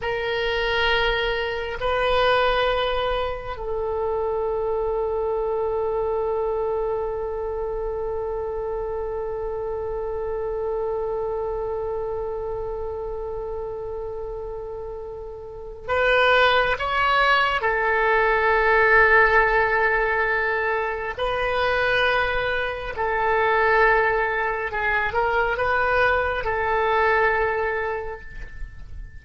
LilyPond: \new Staff \with { instrumentName = "oboe" } { \time 4/4 \tempo 4 = 68 ais'2 b'2 | a'1~ | a'1~ | a'1~ |
a'2 b'4 cis''4 | a'1 | b'2 a'2 | gis'8 ais'8 b'4 a'2 | }